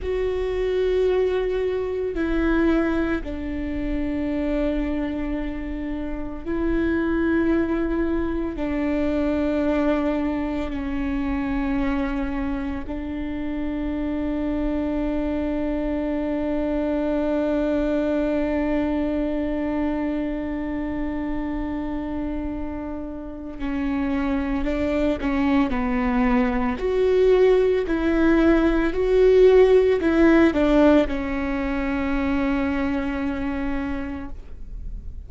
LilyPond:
\new Staff \with { instrumentName = "viola" } { \time 4/4 \tempo 4 = 56 fis'2 e'4 d'4~ | d'2 e'2 | d'2 cis'2 | d'1~ |
d'1~ | d'2 cis'4 d'8 cis'8 | b4 fis'4 e'4 fis'4 | e'8 d'8 cis'2. | }